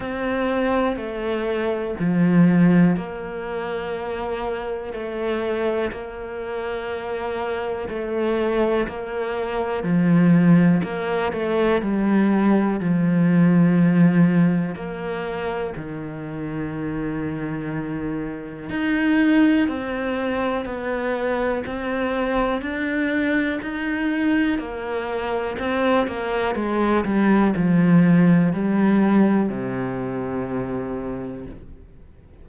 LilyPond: \new Staff \with { instrumentName = "cello" } { \time 4/4 \tempo 4 = 61 c'4 a4 f4 ais4~ | ais4 a4 ais2 | a4 ais4 f4 ais8 a8 | g4 f2 ais4 |
dis2. dis'4 | c'4 b4 c'4 d'4 | dis'4 ais4 c'8 ais8 gis8 g8 | f4 g4 c2 | }